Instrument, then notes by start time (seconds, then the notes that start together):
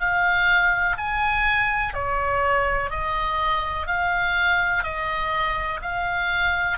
oboe
0.00 F5
0.98 G#5
1.94 C#5
2.91 D#5
3.87 F5
4.84 D#5
5.82 F5